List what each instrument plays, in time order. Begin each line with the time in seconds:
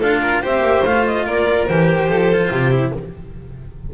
0.00 double bass D4, cello F4, violin A4, clarinet F5
0.22 violin A#4
0.42 double bass C4, cello G4, violin C5, clarinet E5
0.61 double bass A#3
0.85 double bass A3, cello F4, clarinet F5
1.07 clarinet D#5
1.26 double bass A#3, violin A#4, clarinet D5
1.67 double bass E3, cello G4, clarinet C5
2.08 double bass F3, violin A4
2.33 cello F4
2.51 double bass C3, violin G4
2.72 cello E4